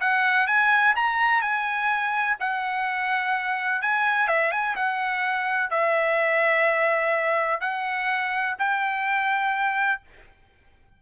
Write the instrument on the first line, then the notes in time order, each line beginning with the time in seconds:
trumpet
0.00 F#5
0.47 G#5
0.96 A#5
1.41 G#5
2.40 F#5
3.82 G#5
4.28 E5
4.52 G#5
4.76 F#5
5.70 E5
7.60 F#5
8.58 G5